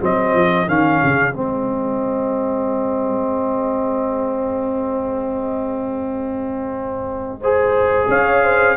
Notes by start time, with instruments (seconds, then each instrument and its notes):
0.00 tuba F#3, trombone C4, horn G#4, trumpet D#5
0.34 tuba F3
0.67 tuba D#3, trombone C#4, trumpet F5
1.03 tuba C#3
1.33 tuba G#3, trombone C4, trumpet D#5
7.41 trombone G#4, horn C5
8.08 tuba C#4, horn C#5, trumpet F5
8.43 horn C5